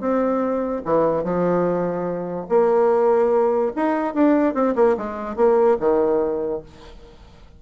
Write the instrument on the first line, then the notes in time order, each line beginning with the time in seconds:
bassoon
0.00 C4
0.85 E3
1.23 F3
2.49 A#3
3.76 D#4
4.14 D4
4.54 C4
4.75 A#3
4.97 G#3
5.36 A#3
5.79 D#3